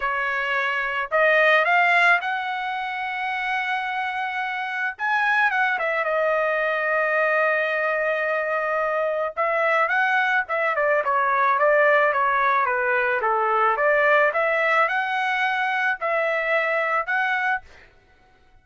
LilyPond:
\new Staff \with { instrumentName = "trumpet" } { \time 4/4 \tempo 4 = 109 cis''2 dis''4 f''4 | fis''1~ | fis''4 gis''4 fis''8 e''8 dis''4~ | dis''1~ |
dis''4 e''4 fis''4 e''8 d''8 | cis''4 d''4 cis''4 b'4 | a'4 d''4 e''4 fis''4~ | fis''4 e''2 fis''4 | }